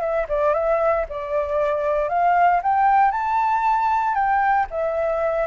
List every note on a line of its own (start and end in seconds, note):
0.00 0.26 E5
0.28 0.53 D5
0.53 1.05 E5
1.09 2.09 D5
2.09 2.61 F5
2.62 3.11 G5
3.11 4.14 A5
4.14 4.66 G5
4.70 5.47 E5